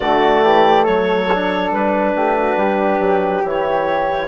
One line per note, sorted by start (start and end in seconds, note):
0.00 0.42 D3
0.00 1.29 A3
0.00 0.43 F#4
0.00 0.85 D5
0.42 0.85 E3
0.42 0.83 G4
0.83 1.71 F#3
0.83 2.12 A4
0.83 1.71 C#5
1.31 3.43 D4
1.71 2.14 G3
1.71 3.44 B4
2.15 2.56 A3
2.15 2.36 G4
2.37 2.59 F#4
2.56 2.99 G3
2.56 4.27 G4
2.99 3.42 F#3
3.43 4.27 E3
3.43 4.27 E4
3.43 4.27 C#5